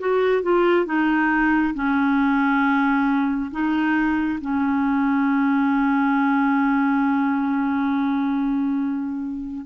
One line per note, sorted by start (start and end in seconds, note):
0.00 0.43 F#4
0.43 0.86 F4
0.86 1.74 D#4
1.74 3.51 C#4
3.51 4.40 D#4
4.41 9.66 C#4